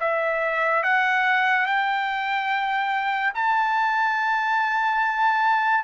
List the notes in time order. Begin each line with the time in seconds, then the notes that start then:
0.00 E5
0.83 F#5
1.66 G5
3.34 A5